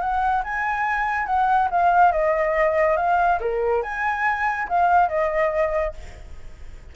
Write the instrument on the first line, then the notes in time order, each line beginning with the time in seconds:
flute
0.00 F#5
0.44 G#5
1.26 F#5
1.70 F5
2.12 D#5
2.97 F5
3.40 A#4
3.83 G#5
4.68 F5
5.09 D#5